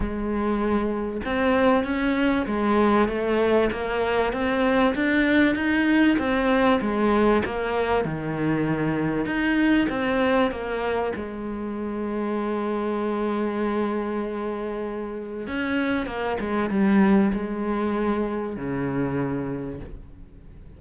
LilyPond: \new Staff \with { instrumentName = "cello" } { \time 4/4 \tempo 4 = 97 gis2 c'4 cis'4 | gis4 a4 ais4 c'4 | d'4 dis'4 c'4 gis4 | ais4 dis2 dis'4 |
c'4 ais4 gis2~ | gis1~ | gis4 cis'4 ais8 gis8 g4 | gis2 cis2 | }